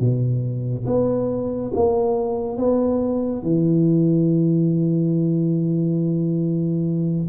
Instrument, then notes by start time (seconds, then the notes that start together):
tuba
0.00 B2
0.86 B3
1.74 A#3
2.58 B3
3.43 E3